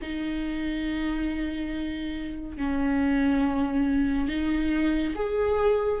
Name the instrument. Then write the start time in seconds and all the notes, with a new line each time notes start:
viola
0.01 D#4
2.57 C#4
4.28 D#4
5.15 G#4